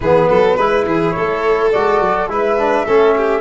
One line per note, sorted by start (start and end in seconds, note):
0.00 0.29 E3
0.00 0.58 B3
0.00 0.29 G#4
0.00 1.11 B4
0.29 0.57 F#3
0.29 0.56 A4
0.56 0.85 G#3
0.56 1.73 E4
0.56 0.85 B4
0.85 1.14 E3
0.85 1.15 G#4
1.11 1.73 A3
1.11 2.29 A4
1.11 1.68 C#5
1.71 2.00 G#3
1.71 2.28 F#4
1.71 2.28 D5
2.00 2.28 F#3
2.28 2.85 G#3
2.28 2.57 E4
2.28 2.85 B4
2.28 3.40 E5
2.58 2.86 D4
2.85 3.40 A3
2.85 3.40 C#4
2.85 3.14 A4
3.16 3.40 G4